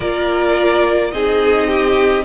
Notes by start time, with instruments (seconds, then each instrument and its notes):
0.00 cello A#3, viola F4, violin A#4 D5
1.11 cello C4, viola D#4, violin G#4 D#5
1.67 violin G4